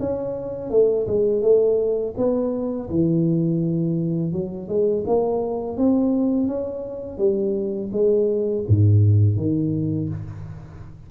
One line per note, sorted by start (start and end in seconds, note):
0.00 0.70 C#4
0.70 1.06 A3
1.07 1.42 G#3
1.42 2.14 A3
2.17 2.89 B3
2.90 4.32 E3
4.32 4.68 F#3
4.68 5.04 G#3
5.07 5.77 A#3
5.77 6.47 C4
6.47 7.18 C#4
7.18 7.90 G3
7.92 8.65 G#3
8.68 9.37 G#2
9.37 10.09 D#3